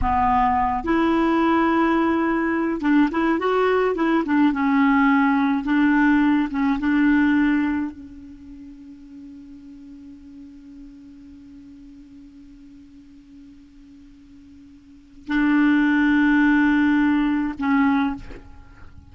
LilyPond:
\new Staff \with { instrumentName = "clarinet" } { \time 4/4 \tempo 4 = 106 b4. e'2~ e'8~ | e'4 d'8 e'8 fis'4 e'8 d'8 | cis'2 d'4. cis'8 | d'2 cis'2~ |
cis'1~ | cis'1~ | cis'2. d'4~ | d'2. cis'4 | }